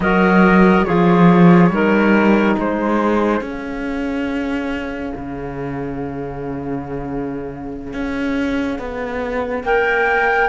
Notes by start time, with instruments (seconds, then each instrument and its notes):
0.00 cello F#3, saxophone F#4, clarinet A#4, flute D#5
0.84 cello F3, saxophone F4, clarinet G#4, flute C#5
1.70 cello G3, saxophone D#4, clarinet A#4
2.56 cello G#3, clarinet G#4, flute C5
3.41 cello C#4, saxophone C#4, flute F5
5.15 cello C#3
7.93 cello C#4
8.79 cello B3
9.63 cello A#3, clarinet A#4, flute G5